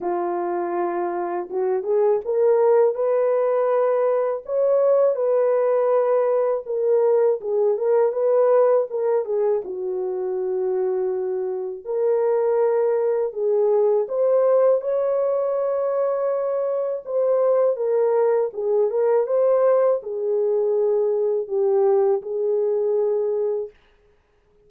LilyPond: \new Staff \with { instrumentName = "horn" } { \time 4/4 \tempo 4 = 81 f'2 fis'8 gis'8 ais'4 | b'2 cis''4 b'4~ | b'4 ais'4 gis'8 ais'8 b'4 | ais'8 gis'8 fis'2. |
ais'2 gis'4 c''4 | cis''2. c''4 | ais'4 gis'8 ais'8 c''4 gis'4~ | gis'4 g'4 gis'2 | }